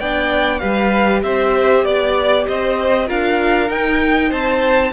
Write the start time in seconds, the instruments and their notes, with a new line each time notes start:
0.00 cello B3, viola D4, violin D5 G5
0.59 cello G3, viola G4, violin B4 F5
1.23 cello C4, violin C5 E5
1.85 cello B3, violin D5
2.48 cello C4, violin C5 D#5
3.07 cello D4, viola F4, violin A#4 F5
3.70 cello D#4, viola D#4, violin G5
4.30 cello C4, violin C5 A5